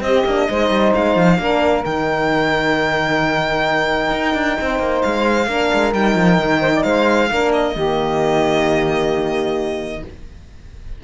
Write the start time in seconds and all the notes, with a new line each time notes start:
0.00 C4 G4 D#5
0.25 A#3 D4
0.49 G#3 D#4 C5
0.69 G3
0.94 G#3 F5
1.15 F3
1.38 A#3 D4 A#4
1.83 D#3 D#4 G5
4.11 D#4
4.33 D4
4.60 C4 C5
4.79 A#3
5.01 G#3 F5
5.46 A#3 D4 A#4
5.73 G#3
5.93 G3 D#4 G5
6.15 F3
6.37 D#3
6.61 C5
6.73 D5
6.83 G#3 C5 F5
7.29 A#3 D4 A#4
7.53 D#5
7.74 D#3 A#3 G4